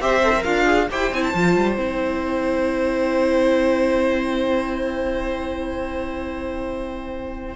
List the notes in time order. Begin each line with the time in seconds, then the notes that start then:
0.00 C4 G4 C5 E5
0.24 A4
0.36 A#4
0.43 D4 F4 F5
0.66 G#4
0.90 E4 G4 C5 G5
1.11 C4 E4 G#5
1.24 A5
1.34 F3 F4
1.56 G3
1.77 C4 E4 G5